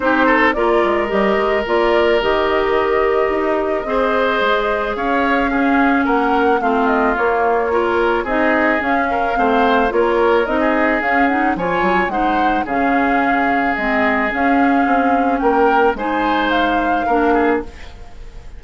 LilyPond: <<
  \new Staff \with { instrumentName = "flute" } { \time 4/4 \tempo 4 = 109 c''4 d''4 dis''4 d''4 | dis''1~ | dis''4 f''2 fis''4 | f''8 dis''8 cis''2 dis''4 |
f''2 cis''4 dis''4 | f''8 fis''8 gis''4 fis''4 f''4~ | f''4 dis''4 f''2 | g''4 gis''4 f''2 | }
  \new Staff \with { instrumentName = "oboe" } { \time 4/4 g'8 a'8 ais'2.~ | ais'2. c''4~ | c''4 cis''4 gis'4 ais'4 | f'2 ais'4 gis'4~ |
gis'8 ais'8 c''4 ais'4~ ais'16 gis'8.~ | gis'4 cis''4 c''4 gis'4~ | gis'1 | ais'4 c''2 ais'8 gis'8 | }
  \new Staff \with { instrumentName = "clarinet" } { \time 4/4 dis'4 f'4 g'4 f'4 | g'2. gis'4~ | gis'2 cis'2 | c'4 ais4 f'4 dis'4 |
cis'4 c'4 f'4 dis'4 | cis'8 dis'8 f'4 dis'4 cis'4~ | cis'4 c'4 cis'2~ | cis'4 dis'2 d'4 | }
  \new Staff \with { instrumentName = "bassoon" } { \time 4/4 c'4 ais8 gis8 g8 gis8 ais4 | dis2 dis'4 c'4 | gis4 cis'2 ais4 | a4 ais2 c'4 |
cis'4 a4 ais4 c'4 | cis'4 f8 fis8 gis4 cis4~ | cis4 gis4 cis'4 c'4 | ais4 gis2 ais4 | }
>>